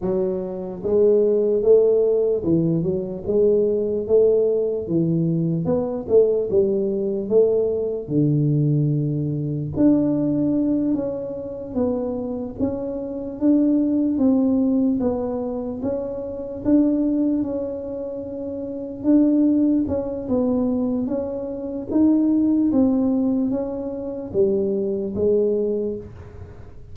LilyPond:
\new Staff \with { instrumentName = "tuba" } { \time 4/4 \tempo 4 = 74 fis4 gis4 a4 e8 fis8 | gis4 a4 e4 b8 a8 | g4 a4 d2 | d'4. cis'4 b4 cis'8~ |
cis'8 d'4 c'4 b4 cis'8~ | cis'8 d'4 cis'2 d'8~ | d'8 cis'8 b4 cis'4 dis'4 | c'4 cis'4 g4 gis4 | }